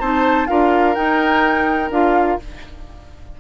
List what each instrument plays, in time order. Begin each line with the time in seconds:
0.00 bassoon C4, clarinet D#4, oboe C5, flute A5
0.47 bassoon D4, clarinet F4, oboe A#4, flute F5
0.95 clarinet D#4, bassoon D#4, flute G5
1.91 bassoon D4, clarinet F4, flute F5